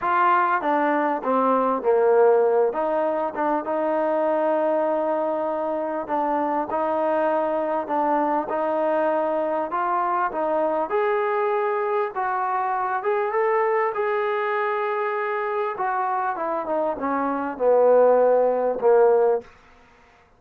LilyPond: \new Staff \with { instrumentName = "trombone" } { \time 4/4 \tempo 4 = 99 f'4 d'4 c'4 ais4~ | ais8 dis'4 d'8 dis'2~ | dis'2 d'4 dis'4~ | dis'4 d'4 dis'2 |
f'4 dis'4 gis'2 | fis'4. gis'8 a'4 gis'4~ | gis'2 fis'4 e'8 dis'8 | cis'4 b2 ais4 | }